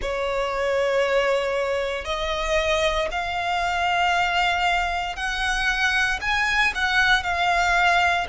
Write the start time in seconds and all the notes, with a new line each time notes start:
0.01 C#5
2.05 D#5
3.11 F5
5.16 F#5
6.21 G#5
6.74 F#5
7.23 F5